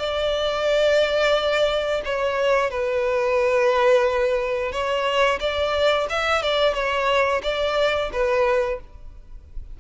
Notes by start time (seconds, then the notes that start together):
0.00 D5
2.05 C#5
2.71 B4
4.73 C#5
5.41 D5
6.10 E5
6.43 D5
6.74 C#5
7.43 D5
8.13 B4